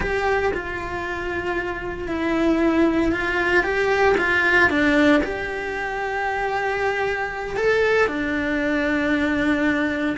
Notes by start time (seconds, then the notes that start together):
0.00 G4
0.53 F4
2.08 E4
3.12 F4
3.63 G4
4.17 F4
4.70 D4
5.23 G4
7.56 A4
8.07 D4